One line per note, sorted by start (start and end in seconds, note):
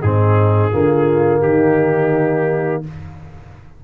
0.00 0.73 G#2
0.00 0.72 C4
0.00 0.71 D#4
0.00 1.41 G#4
0.71 1.43 D3
0.71 2.83 A#3
0.71 1.41 F4
1.41 2.84 D#3
1.41 2.83 D#4
1.41 2.82 G4